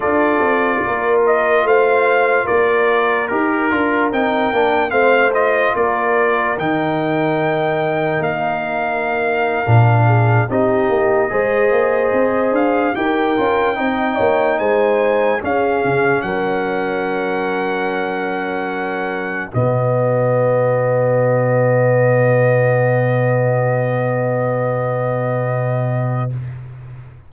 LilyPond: <<
  \new Staff \with { instrumentName = "trumpet" } { \time 4/4 \tempo 4 = 73 d''4. dis''8 f''4 d''4 | ais'4 g''4 f''8 dis''8 d''4 | g''2 f''2~ | f''8. dis''2~ dis''8 f''8 g''16~ |
g''4.~ g''16 gis''4 f''4 fis''16~ | fis''2.~ fis''8. dis''16~ | dis''1~ | dis''1 | }
  \new Staff \with { instrumentName = "horn" } { \time 4/4 a'4 ais'4 c''4 ais'4~ | ais'2 c''4 ais'4~ | ais'1~ | ais'16 gis'8 g'4 c''2 ais'16~ |
ais'8. dis''8 cis''8 c''4 gis'4 ais'16~ | ais'2.~ ais'8. fis'16~ | fis'1~ | fis'1 | }
  \new Staff \with { instrumentName = "trombone" } { \time 4/4 f'1 | g'8 f'8 dis'8 d'8 c'8 f'4. | dis'2.~ dis'8. d'16~ | d'8. dis'4 gis'2 g'16~ |
g'16 f'8 dis'2 cis'4~ cis'16~ | cis'2.~ cis'8. b16~ | b1~ | b1 | }
  \new Staff \with { instrumentName = "tuba" } { \time 4/4 d'8 c'8 ais4 a4 ais4 | dis'8 d'8 c'8 ais8 a4 ais4 | dis2 ais4.~ ais16 ais,16~ | ais,8. c'8 ais8 gis8 ais8 c'8 d'8 dis'16~ |
dis'16 cis'8 c'8 ais8 gis4 cis'8 cis8 fis16~ | fis2.~ fis8. b,16~ | b,1~ | b,1 | }
>>